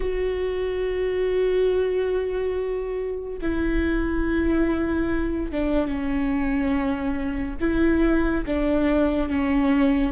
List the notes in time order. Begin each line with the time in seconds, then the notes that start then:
0.00 F#4
3.41 E4
5.51 D4
5.87 C#4
7.60 E4
8.45 D4
9.29 C#4